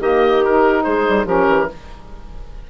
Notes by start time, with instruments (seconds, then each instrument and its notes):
0.00 bassoon D#3, saxophone A#3, clarinet G4, oboe D#5
0.44 saxophone D#4, oboe A#4
0.83 bassoon G#3, clarinet G#4, oboe C5
1.08 bassoon G3
1.25 bassoon F3, saxophone C#4, clarinet G4, oboe A#4
1.48 bassoon E3